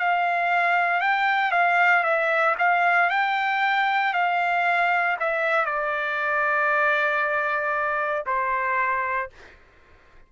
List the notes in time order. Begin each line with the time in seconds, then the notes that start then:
0.00 F5
1.01 G5
1.52 F5
2.04 E5
2.59 F5
3.10 G5
4.14 F5
5.20 E5
5.66 D5
8.27 C5